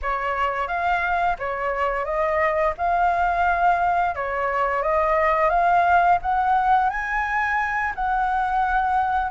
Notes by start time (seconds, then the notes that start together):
0.02 C#5
0.67 F5
1.39 C#5
2.04 D#5
2.77 F5
4.15 C#5
4.82 D#5
5.49 F5
6.22 F#5
6.89 G#5
7.95 F#5